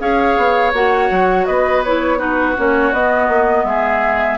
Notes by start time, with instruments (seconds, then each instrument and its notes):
0.00 bassoon C#4, clarinet G#4, oboe C#5, flute F5
0.37 bassoon B3
0.73 bassoon A#3, clarinet F#4, flute F#5
1.11 bassoon F#3
1.46 bassoon B3, oboe B4, flute D#5
1.84 clarinet E4, flute C#5
2.18 clarinet D#4, oboe F#4, flute B4
2.57 bassoon A#3, clarinet C#4, flute C#5
2.93 bassoon B3, clarinet B3, flute D#5
3.29 bassoon A#3
3.64 bassoon G#3, oboe G#4, flute E5